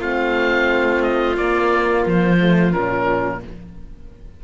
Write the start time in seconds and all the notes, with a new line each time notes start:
0.00 A3 C4 F4 F5
1.03 D#5
1.37 A#3 D5
2.07 F3 C5
2.40 A3
2.72 A#2 C#4 A#4